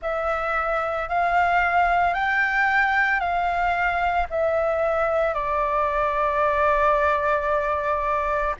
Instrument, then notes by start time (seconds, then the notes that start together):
flute
0.02 E5
1.08 F5
2.14 G5
3.19 F5
4.30 E5
5.33 D5